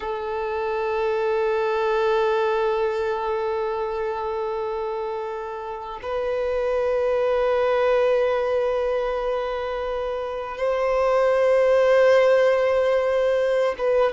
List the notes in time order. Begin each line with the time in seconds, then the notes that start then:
0.00 A4
6.02 B4
10.57 C5
13.78 B4